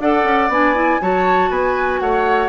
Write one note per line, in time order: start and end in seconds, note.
0.00 0.24 D4
0.00 0.52 A4
0.00 1.02 D5
0.00 0.51 F#5
0.24 0.49 C#4
0.49 0.99 B3
0.49 0.75 D4
0.49 1.02 G#5
0.75 1.00 E4
1.02 1.50 F#3
1.02 2.49 F#4
1.02 1.50 C#5
1.02 1.51 A5
1.50 2.00 B3
1.50 2.00 B4
1.50 2.00 G#5
2.00 2.49 A3
2.00 2.49 C#5
2.00 2.49 F#5